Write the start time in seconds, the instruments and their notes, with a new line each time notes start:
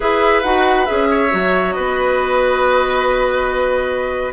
0.00 bassoon E4, clarinet G#4, oboe B4, flute E5
0.43 bassoon D#4, clarinet F#4, flute F#5
0.85 bassoon C#4, clarinet G#4, flute E5
1.10 oboe C#5
1.31 bassoon F#3, clarinet F#4
1.72 bassoon B3, oboe B4, flute D#5